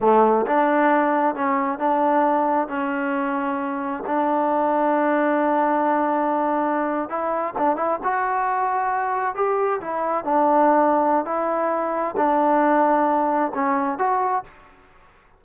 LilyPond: \new Staff \with { instrumentName = "trombone" } { \time 4/4 \tempo 4 = 133 a4 d'2 cis'4 | d'2 cis'2~ | cis'4 d'2.~ | d'2.~ d'8. e'16~ |
e'8. d'8 e'8 fis'2~ fis'16~ | fis'8. g'4 e'4 d'4~ d'16~ | d'4 e'2 d'4~ | d'2 cis'4 fis'4 | }